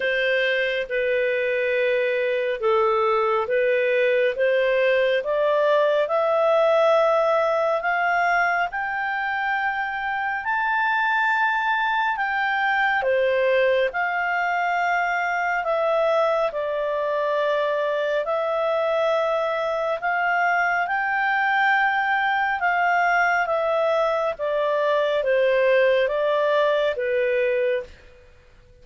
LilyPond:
\new Staff \with { instrumentName = "clarinet" } { \time 4/4 \tempo 4 = 69 c''4 b'2 a'4 | b'4 c''4 d''4 e''4~ | e''4 f''4 g''2 | a''2 g''4 c''4 |
f''2 e''4 d''4~ | d''4 e''2 f''4 | g''2 f''4 e''4 | d''4 c''4 d''4 b'4 | }